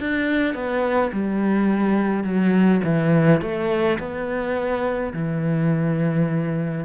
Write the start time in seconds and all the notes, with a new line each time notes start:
0.00 D4
0.54 B3
1.12 G3
2.24 F#3
2.84 E3
3.41 A3
3.99 B3
5.14 E3